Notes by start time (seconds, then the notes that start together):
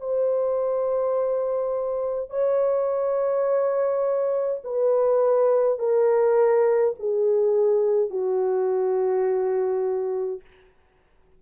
0.00 C5
2.30 C#5
4.64 B4
5.79 A#4
7.00 G#4
8.10 F#4